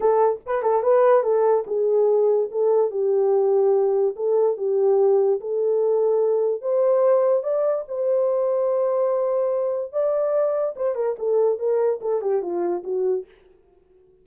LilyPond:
\new Staff \with { instrumentName = "horn" } { \time 4/4 \tempo 4 = 145 a'4 b'8 a'8 b'4 a'4 | gis'2 a'4 g'4~ | g'2 a'4 g'4~ | g'4 a'2. |
c''2 d''4 c''4~ | c''1 | d''2 c''8 ais'8 a'4 | ais'4 a'8 g'8 f'4 fis'4 | }